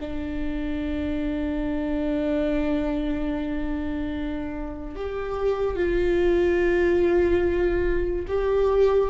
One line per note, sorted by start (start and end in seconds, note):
0.00 4.95 D4
4.95 5.76 G4
5.76 8.26 F4
8.27 9.09 G4